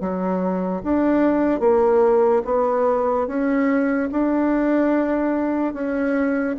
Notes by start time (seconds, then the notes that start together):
0.00 F#3
0.83 D4
1.60 A#3
2.45 B3
3.27 C#4
4.11 D4
5.73 C#4